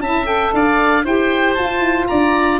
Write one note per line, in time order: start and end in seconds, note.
0.00 0.52 C#4
0.00 0.25 E4
0.00 0.54 E5
0.00 0.26 A5
0.25 1.02 A4
0.25 0.52 G5
0.53 1.05 D4
0.53 1.05 D5
0.53 1.06 F5
1.05 1.56 E4
1.05 1.57 G4
1.05 2.08 C5
1.05 1.54 G5
1.54 1.80 F4
1.54 2.60 F4
1.54 2.06 A5
1.80 2.06 E4
2.07 2.60 D4
2.07 2.60 D5
2.07 2.59 A#5